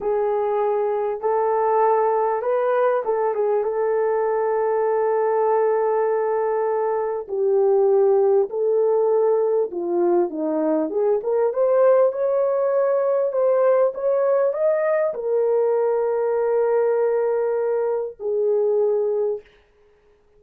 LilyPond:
\new Staff \with { instrumentName = "horn" } { \time 4/4 \tempo 4 = 99 gis'2 a'2 | b'4 a'8 gis'8 a'2~ | a'1 | g'2 a'2 |
f'4 dis'4 gis'8 ais'8 c''4 | cis''2 c''4 cis''4 | dis''4 ais'2.~ | ais'2 gis'2 | }